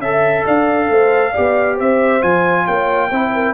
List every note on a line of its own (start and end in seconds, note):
0.00 0.44 C#4
0.00 1.35 A4
0.00 0.45 E5
0.00 0.46 E5
0.46 0.90 D4
0.46 0.90 D5
0.46 1.79 F5
0.90 1.34 A3
0.90 1.32 C5
1.32 2.22 G4
1.32 1.76 D5
1.38 1.80 B3
1.76 2.23 C4
1.76 2.64 C5
1.76 2.23 E5
2.22 2.67 F3
2.22 3.10 F4
2.22 2.67 G#5
2.66 3.11 A#3
2.66 3.10 C#5
2.66 3.54 G5
3.10 3.54 C4
3.10 3.54 E4
3.10 3.32 C5
3.34 3.54 A#4